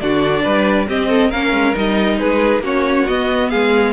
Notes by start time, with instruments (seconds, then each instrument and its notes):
0.00 cello D3, viola D4, violin F#4 D5
0.43 cello G3, violin B4
0.87 viola C4, cello C4, violin G4 D#5
1.08 violin A4
1.29 cello A#3, viola C#4, violin A#4 F5
1.52 cello G#3
1.74 cello G3, viola D#4, violin D#5
2.19 cello G#3, violin G#4 B4
2.59 cello A#3, viola C#4, violin F#4
2.65 violin C#5
3.07 viola B3, cello B3, violin D#5
3.50 cello G#3, violin G#4 F5